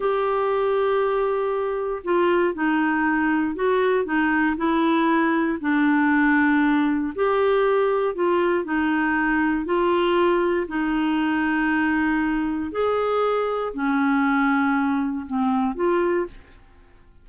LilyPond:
\new Staff \with { instrumentName = "clarinet" } { \time 4/4 \tempo 4 = 118 g'1 | f'4 dis'2 fis'4 | dis'4 e'2 d'4~ | d'2 g'2 |
f'4 dis'2 f'4~ | f'4 dis'2.~ | dis'4 gis'2 cis'4~ | cis'2 c'4 f'4 | }